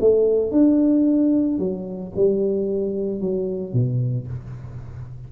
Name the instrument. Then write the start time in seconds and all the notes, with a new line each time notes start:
tuba
0.00 A3
0.51 D4
1.58 F#3
2.15 G3
3.20 F#3
3.73 B2